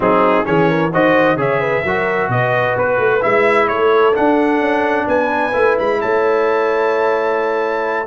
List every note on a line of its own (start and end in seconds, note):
0.00 0.42 F#3
0.00 0.44 C4
0.00 0.46 D#4
0.00 0.45 G#4
0.44 0.93 E3
0.44 0.90 C#4
0.44 0.69 G#4
0.44 0.91 C#5
0.69 0.92 A#4
0.92 1.36 D#3
0.92 1.37 F#4
0.92 1.37 C5
0.92 1.39 D#5
1.36 1.82 C#3
1.36 1.83 G#4
1.36 1.60 C#5
1.36 2.30 E5
1.60 1.83 B4
1.84 2.28 F#3
1.84 3.21 F#4
1.84 2.31 A#4
2.28 2.74 B2
2.28 3.69 B4
2.28 2.76 D#5
2.77 2.98 B3
2.77 3.22 B4
2.98 3.21 A3
3.21 3.70 G#3
3.21 4.13 E4
3.21 3.68 E5
3.68 4.16 A3
3.68 5.06 A4
3.68 4.14 C#5
4.13 5.52 D4
4.13 4.60 D4
4.13 5.08 F#5
4.60 5.06 C#4
5.06 5.53 B3
5.06 5.98 B4
5.06 5.77 G#5
5.52 5.77 A3
5.52 8.06 E4
5.78 6.03 G#3
5.78 6.01 B5
6.01 8.07 A3
6.01 8.07 C#5
6.01 8.07 A5